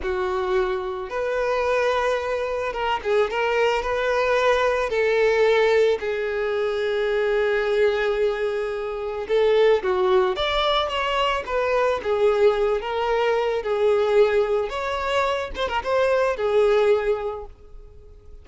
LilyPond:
\new Staff \with { instrumentName = "violin" } { \time 4/4 \tempo 4 = 110 fis'2 b'2~ | b'4 ais'8 gis'8 ais'4 b'4~ | b'4 a'2 gis'4~ | gis'1~ |
gis'4 a'4 fis'4 d''4 | cis''4 b'4 gis'4. ais'8~ | ais'4 gis'2 cis''4~ | cis''8 c''16 ais'16 c''4 gis'2 | }